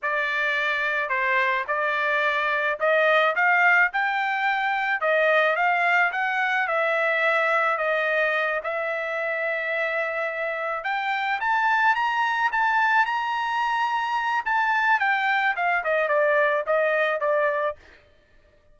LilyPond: \new Staff \with { instrumentName = "trumpet" } { \time 4/4 \tempo 4 = 108 d''2 c''4 d''4~ | d''4 dis''4 f''4 g''4~ | g''4 dis''4 f''4 fis''4 | e''2 dis''4. e''8~ |
e''2.~ e''8 g''8~ | g''8 a''4 ais''4 a''4 ais''8~ | ais''2 a''4 g''4 | f''8 dis''8 d''4 dis''4 d''4 | }